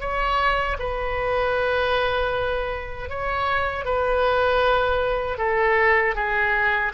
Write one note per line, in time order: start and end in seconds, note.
0.00 0.77 C#5
0.79 3.09 B4
3.09 3.85 C#5
3.85 5.38 B4
5.38 6.15 A4
6.15 6.92 G#4